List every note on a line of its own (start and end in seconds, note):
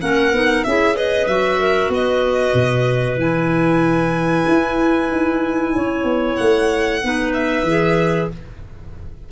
0.00 0.32 A#3
0.00 0.32 C#4
0.00 0.66 A#4
0.00 0.64 F#5
0.32 0.64 B3
0.32 0.66 D#4
0.64 1.27 C#4
0.64 0.94 E4
0.64 0.96 G#4
0.64 0.96 E5
0.94 1.26 G#4
0.94 1.59 B4
0.94 1.27 D#5
1.27 1.89 F#3
1.27 3.18 F#4
1.27 1.91 E5
1.60 1.91 A#4
1.89 2.53 B3
1.89 5.75 B4
1.89 3.20 D#5
2.54 3.17 B2
3.17 4.45 E3
3.17 7.01 E4
3.17 6.36 G#5
4.48 5.12 E4
5.12 5.76 D#4
5.75 6.04 C#4
5.75 7.03 C#5
6.04 6.36 B3
6.36 7.03 A3
6.36 7.32 F#5
7.03 7.63 B3
7.03 7.66 D#4
7.03 8.30 B4
7.34 8.29 E5
7.63 8.27 E3
7.63 8.32 G#4